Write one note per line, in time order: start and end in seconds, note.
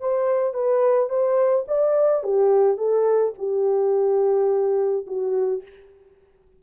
0.00 0.54 C5
0.54 1.09 B4
1.09 1.65 C5
1.67 2.23 D5
2.23 2.77 G4
2.77 3.33 A4
3.38 5.06 G4
5.06 5.62 F#4